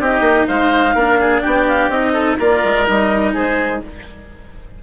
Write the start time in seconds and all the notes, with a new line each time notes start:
0.00 C4 D#4 G4 D#5
0.20 A#3
0.47 G#3 C5 F5
0.95 A#3 D4 A#4
1.20 G#4
1.41 B3 G4 G5
1.68 F5
1.89 C4 D#4 D#5
2.13 A4
2.39 A#3 F4 A#4 D5
2.64 G#3
2.84 G3 D#4 D#5
3.34 G#3 G#4 C5